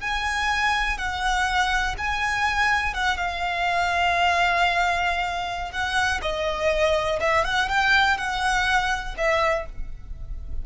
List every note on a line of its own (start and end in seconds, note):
0.00 0.98 G#5
0.98 1.95 F#5
1.97 2.94 G#5
2.94 3.17 F#5
3.17 5.71 F5
5.71 6.20 F#5
6.22 7.19 D#5
7.20 7.44 E5
7.44 7.68 F#5
7.68 8.17 G5
8.17 9.15 F#5
9.17 9.66 E5